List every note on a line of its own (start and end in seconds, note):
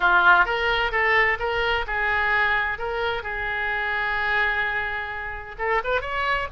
0.00 0.45 F4
0.45 0.91 A#4
0.91 1.38 A4
1.39 1.85 A#4
1.86 2.78 G#4
2.78 3.23 A#4
3.23 5.55 G#4
5.58 5.81 A4
5.84 6.01 B4
6.01 6.47 C#5